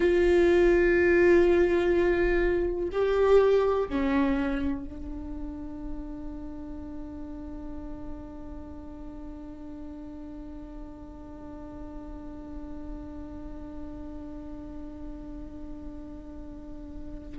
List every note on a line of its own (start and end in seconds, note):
0.00 2.89 F4
2.92 3.88 G4
3.89 4.84 C#4
4.84 17.39 D4